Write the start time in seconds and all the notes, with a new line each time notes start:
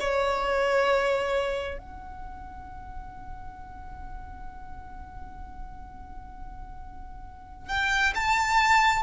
0.00 C#5
1.78 F#5
7.68 G5
8.15 A5